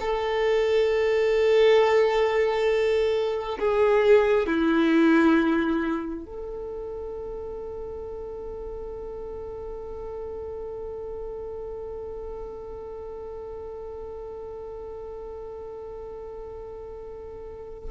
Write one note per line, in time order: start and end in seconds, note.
0.00 3.58 A4
3.59 4.46 G#4
4.46 6.25 E4
6.25 17.89 A4